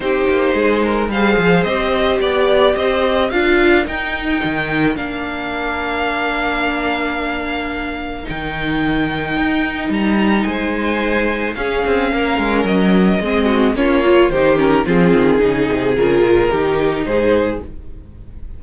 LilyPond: <<
  \new Staff \with { instrumentName = "violin" } { \time 4/4 \tempo 4 = 109 c''2 f''4 dis''4 | d''4 dis''4 f''4 g''4~ | g''4 f''2.~ | f''2. g''4~ |
g''2 ais''4 gis''4~ | gis''4 f''2 dis''4~ | dis''4 cis''4 c''8 ais'8 gis'4~ | gis'4 ais'2 c''4 | }
  \new Staff \with { instrumentName = "violin" } { \time 4/4 g'4 gis'8 ais'8 c''2 | d''4 c''4 ais'2~ | ais'1~ | ais'1~ |
ais'2. c''4~ | c''4 gis'4 ais'2 | gis'8 fis'8 f'4 g'4 f'4 | gis'2 g'4 gis'4 | }
  \new Staff \with { instrumentName = "viola" } { \time 4/4 dis'2 gis'4 g'4~ | g'2 f'4 dis'4~ | dis'4 d'2.~ | d'2. dis'4~ |
dis'1~ | dis'4 cis'2. | c'4 cis'8 f'8 dis'8 cis'8 c'4 | dis'4 f'4 dis'2 | }
  \new Staff \with { instrumentName = "cello" } { \time 4/4 c'8 ais8 gis4 g8 f8 c'4 | b4 c'4 d'4 dis'4 | dis4 ais2.~ | ais2. dis4~ |
dis4 dis'4 g4 gis4~ | gis4 cis'8 c'8 ais8 gis8 fis4 | gis4 ais4 dis4 f8 dis8 | cis8 c8 cis8 ais,8 dis4 gis,4 | }
>>